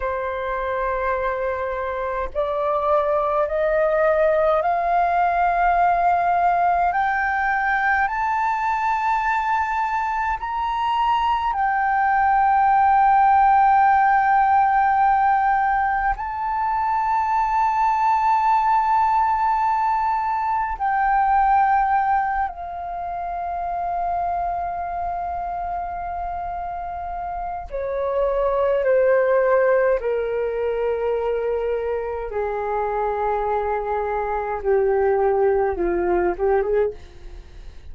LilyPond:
\new Staff \with { instrumentName = "flute" } { \time 4/4 \tempo 4 = 52 c''2 d''4 dis''4 | f''2 g''4 a''4~ | a''4 ais''4 g''2~ | g''2 a''2~ |
a''2 g''4. f''8~ | f''1 | cis''4 c''4 ais'2 | gis'2 g'4 f'8 g'16 gis'16 | }